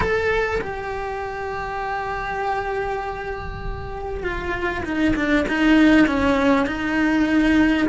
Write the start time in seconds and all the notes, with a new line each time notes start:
0.00 A4
0.61 G4
4.23 F4
4.84 D#4
5.15 D4
5.48 D#4
6.06 C#4
6.66 D#4